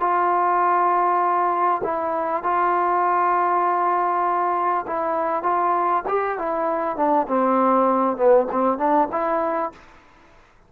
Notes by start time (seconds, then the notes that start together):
0.00 F4
1.84 E4
2.43 F4
4.87 E4
5.43 F4
6.08 G4
6.38 E4
6.97 D4
7.28 C4
8.17 B3
8.52 C4
8.78 D4
9.12 E4